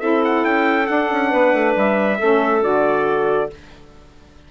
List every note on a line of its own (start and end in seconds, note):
0.00 0.45 C4
0.00 0.86 E4
0.00 1.30 A4
0.00 0.22 E5
0.25 0.45 F#5
0.45 0.89 C#4
0.45 0.87 G5
0.86 2.17 D4
0.86 1.12 D4
0.86 1.75 F#5
1.12 1.33 C#4
1.30 1.53 B3
1.30 2.18 B4
1.53 1.75 A3
1.76 2.20 G3
1.76 2.64 E5
2.19 2.64 A3
2.19 2.63 C#4
2.19 3.50 A4
2.63 3.51 D3
2.63 3.50 F#4
2.63 3.52 D5